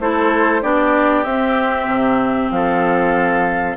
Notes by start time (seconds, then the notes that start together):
0.00 A3 E4 A4 C5
0.62 B3 D4 G4 D5
1.24 C4 E5
1.87 C3
2.51 F3 A4 F5